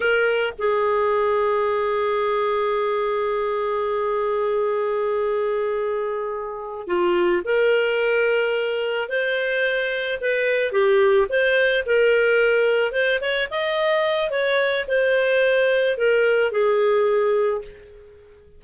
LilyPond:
\new Staff \with { instrumentName = "clarinet" } { \time 4/4 \tempo 4 = 109 ais'4 gis'2.~ | gis'1~ | gis'1~ | gis'8 f'4 ais'2~ ais'8~ |
ais'8 c''2 b'4 g'8~ | g'8 c''4 ais'2 c''8 | cis''8 dis''4. cis''4 c''4~ | c''4 ais'4 gis'2 | }